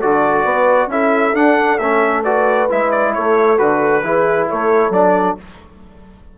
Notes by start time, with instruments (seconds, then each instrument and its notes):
0.00 bassoon D3, trombone F#4, horn A4, trumpet D5
0.44 bassoon B3, horn B4
0.87 bassoon C#4, trombone E4, horn A4, trumpet E5
1.34 trombone D4, bassoon D4, trumpet F#5
1.79 bassoon A3, trombone C#4, trumpet E5
2.24 trombone F#4, horn B4, trumpet D5
2.70 bassoon G#3, trombone E4, trumpet E5
2.91 trumpet D5
3.14 bassoon A3, horn A4, trumpet C#5
3.58 bassoon D3, trombone F#4, trumpet B4
4.04 bassoon E3, trombone E4, horn G#4
4.49 bassoon A3, horn A4, trumpet C#5
4.90 bassoon F#3, trombone D4, trumpet D5